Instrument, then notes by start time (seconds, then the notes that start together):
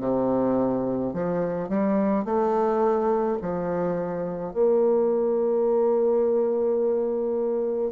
bassoon
0.00 C3
1.13 F3
1.69 G3
2.25 A3
3.42 F3
4.53 A#3